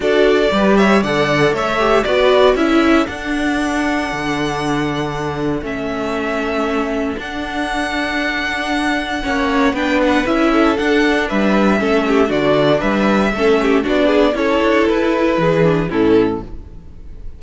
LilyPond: <<
  \new Staff \with { instrumentName = "violin" } { \time 4/4 \tempo 4 = 117 d''4. e''8 fis''4 e''4 | d''4 e''4 fis''2~ | fis''2. e''4~ | e''2 fis''2~ |
fis''2. g''8 fis''8 | e''4 fis''4 e''2 | d''4 e''2 d''4 | cis''4 b'2 a'4 | }
  \new Staff \with { instrumentName = "violin" } { \time 4/4 a'4 b'8 cis''8 d''4 cis''4 | b'4 a'2.~ | a'1~ | a'1~ |
a'2 cis''4 b'4~ | b'8 a'4. b'4 a'8 g'8 | fis'4 b'4 a'8 g'8 fis'8 gis'8 | a'2 gis'4 e'4 | }
  \new Staff \with { instrumentName = "viola" } { \time 4/4 fis'4 g'4 a'4. g'8 | fis'4 e'4 d'2~ | d'2. cis'4~ | cis'2 d'2~ |
d'2 cis'4 d'4 | e'4 d'2 cis'4 | d'2 cis'4 d'4 | e'2~ e'8 d'8 cis'4 | }
  \new Staff \with { instrumentName = "cello" } { \time 4/4 d'4 g4 d4 a4 | b4 cis'4 d'2 | d2. a4~ | a2 d'2~ |
d'2 ais4 b4 | cis'4 d'4 g4 a4 | d4 g4 a4 b4 | cis'8 d'8 e'4 e4 a,4 | }
>>